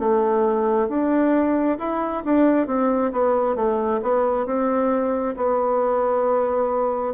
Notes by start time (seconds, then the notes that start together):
0.00 A3
0.89 D4
1.79 E4
2.25 D4
2.67 C4
3.12 B3
3.56 A3
4.03 B3
4.46 C4
5.37 B3